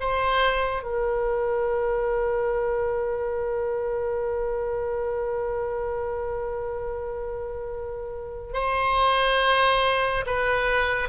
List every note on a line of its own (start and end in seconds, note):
0.00 0.82 C5
0.82 8.53 A#4
8.53 10.24 C5
10.26 11.08 B4